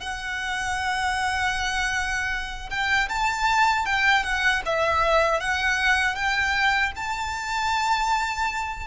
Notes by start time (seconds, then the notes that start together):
0.00 F#5
2.70 G5
3.09 A5
3.85 G5
4.23 F#5
4.65 E5
5.40 F#5
6.15 G5
6.96 A5